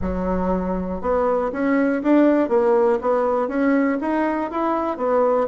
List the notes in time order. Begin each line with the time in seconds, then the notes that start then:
0.01 F#3
1.01 B3
1.52 C#4
2.02 D4
2.48 A#3
3.01 B3
3.47 C#4
4.00 D#4
4.50 E4
4.97 B3